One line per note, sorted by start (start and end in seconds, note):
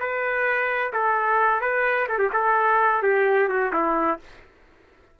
0.00 0.93 B4
0.94 1.62 A4
1.62 2.08 B4
2.09 2.19 A4
2.19 2.30 G4
2.33 3.03 A4
3.03 3.49 G4
3.49 3.73 F#4
3.73 4.20 E4